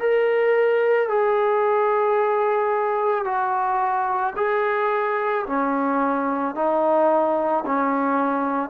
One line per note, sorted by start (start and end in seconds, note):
0.00 1.09 A#4
1.09 3.25 G#4
3.25 4.34 F#4
4.37 5.46 G#4
5.46 6.56 C#4
6.56 7.65 D#4
7.66 8.70 C#4